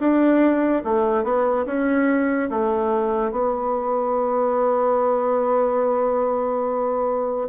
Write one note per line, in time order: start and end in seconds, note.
0.00 0.83 D4
0.84 1.24 A3
1.24 1.66 B3
1.66 2.50 C#4
2.50 3.32 A3
3.32 7.49 B3